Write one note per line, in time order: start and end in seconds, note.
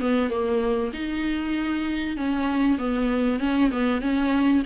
0.00 0.30 B3
0.30 0.91 A#3
0.93 2.16 D#4
2.16 2.78 C#4
2.78 3.40 B3
3.40 3.71 C#4
3.71 4.01 B3
4.01 4.63 C#4